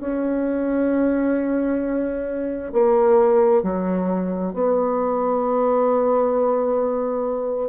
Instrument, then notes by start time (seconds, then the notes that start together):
bassoon
0.00 C#4
2.73 A#3
3.62 F#3
4.53 B3